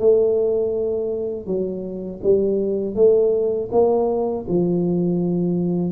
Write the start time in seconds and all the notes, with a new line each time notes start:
0.00 A3
1.47 F#3
2.24 G3
2.96 A3
3.72 A#3
4.49 F3